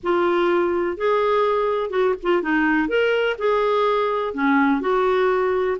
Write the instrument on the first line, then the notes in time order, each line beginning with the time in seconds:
clarinet
0.03 F4
0.97 G#4
1.90 F#4
2.23 F4
2.42 D#4
2.88 A#4
3.38 G#4
4.34 C#4
4.80 F#4